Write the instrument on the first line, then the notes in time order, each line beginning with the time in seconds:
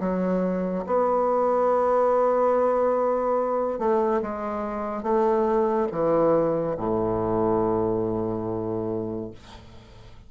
bassoon
0.00 F#3
0.87 B3
3.79 A3
4.22 G#3
5.03 A3
5.92 E3
6.78 A2